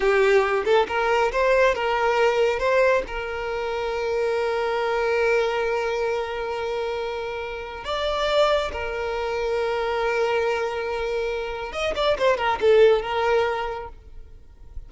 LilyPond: \new Staff \with { instrumentName = "violin" } { \time 4/4 \tempo 4 = 138 g'4. a'8 ais'4 c''4 | ais'2 c''4 ais'4~ | ais'1~ | ais'1~ |
ais'2 d''2 | ais'1~ | ais'2. dis''8 d''8 | c''8 ais'8 a'4 ais'2 | }